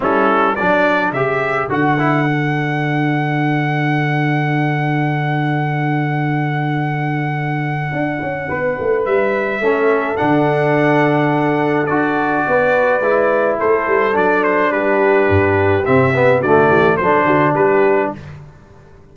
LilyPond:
<<
  \new Staff \with { instrumentName = "trumpet" } { \time 4/4 \tempo 4 = 106 a'4 d''4 e''4 fis''4~ | fis''1~ | fis''1~ | fis''1 |
e''2 fis''2~ | fis''4 d''2. | c''4 d''8 c''8 b'2 | e''4 d''4 c''4 b'4 | }
  \new Staff \with { instrumentName = "horn" } { \time 4/4 e'4 a'2.~ | a'1~ | a'1~ | a'2. b'4~ |
b'4 a'2.~ | a'2 b'2 | a'2 g'2~ | g'4 fis'8 g'8 a'8 fis'8 g'4 | }
  \new Staff \with { instrumentName = "trombone" } { \time 4/4 cis'4 d'4 g'4 fis'8 e'8 | d'1~ | d'1~ | d'1~ |
d'4 cis'4 d'2~ | d'4 fis'2 e'4~ | e'4 d'2. | c'8 b8 a4 d'2 | }
  \new Staff \with { instrumentName = "tuba" } { \time 4/4 g4 fis4 cis4 d4~ | d1~ | d1~ | d2 d'8 cis'8 b8 a8 |
g4 a4 d2~ | d4 d'4 b4 gis4 | a8 g8 fis4 g4 g,4 | c4 d8 e8 fis8 d8 g4 | }
>>